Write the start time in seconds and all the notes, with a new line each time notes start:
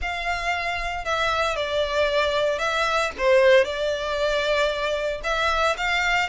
0.01 F5
1.04 E5
1.56 D5
2.58 E5
3.18 C5
3.64 D5
5.23 E5
5.77 F5